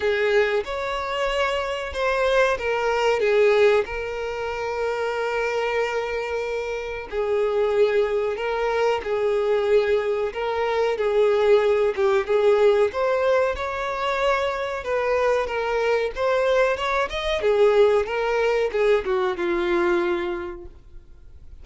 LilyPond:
\new Staff \with { instrumentName = "violin" } { \time 4/4 \tempo 4 = 93 gis'4 cis''2 c''4 | ais'4 gis'4 ais'2~ | ais'2. gis'4~ | gis'4 ais'4 gis'2 |
ais'4 gis'4. g'8 gis'4 | c''4 cis''2 b'4 | ais'4 c''4 cis''8 dis''8 gis'4 | ais'4 gis'8 fis'8 f'2 | }